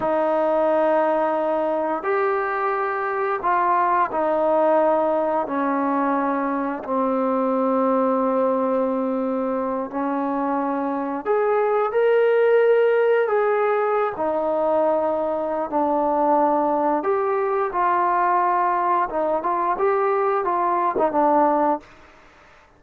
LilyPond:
\new Staff \with { instrumentName = "trombone" } { \time 4/4 \tempo 4 = 88 dis'2. g'4~ | g'4 f'4 dis'2 | cis'2 c'2~ | c'2~ c'8 cis'4.~ |
cis'8 gis'4 ais'2 gis'8~ | gis'8. dis'2~ dis'16 d'4~ | d'4 g'4 f'2 | dis'8 f'8 g'4 f'8. dis'16 d'4 | }